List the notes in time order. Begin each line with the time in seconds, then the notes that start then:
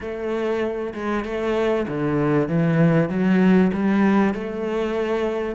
0.00 A3
0.93 G#3
1.25 A3
1.88 D3
2.48 E3
3.09 F#3
3.73 G3
4.34 A3